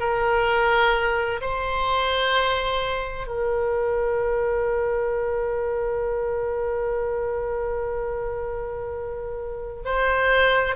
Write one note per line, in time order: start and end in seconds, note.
0.00 1.41 A#4
1.41 3.27 C5
3.27 9.83 A#4
9.85 10.76 C5